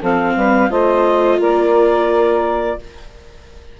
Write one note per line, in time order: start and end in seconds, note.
0.00 0.36 F3
0.00 0.70 C4
0.00 0.34 A4
0.00 0.70 F5
0.36 0.70 G3
0.36 0.70 B4
0.70 1.39 A3
0.70 2.76 F4
0.70 1.39 C5
0.70 1.39 D#5
1.39 2.77 A#3
1.39 2.78 A#4
1.39 2.79 D5